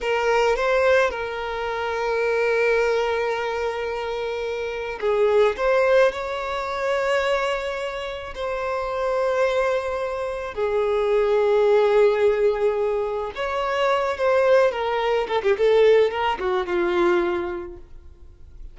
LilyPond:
\new Staff \with { instrumentName = "violin" } { \time 4/4 \tempo 4 = 108 ais'4 c''4 ais'2~ | ais'1~ | ais'4 gis'4 c''4 cis''4~ | cis''2. c''4~ |
c''2. gis'4~ | gis'1 | cis''4. c''4 ais'4 a'16 g'16 | a'4 ais'8 fis'8 f'2 | }